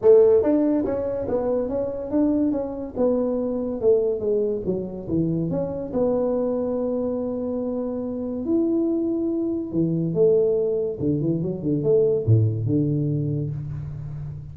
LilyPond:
\new Staff \with { instrumentName = "tuba" } { \time 4/4 \tempo 4 = 142 a4 d'4 cis'4 b4 | cis'4 d'4 cis'4 b4~ | b4 a4 gis4 fis4 | e4 cis'4 b2~ |
b1 | e'2. e4 | a2 d8 e8 fis8 d8 | a4 a,4 d2 | }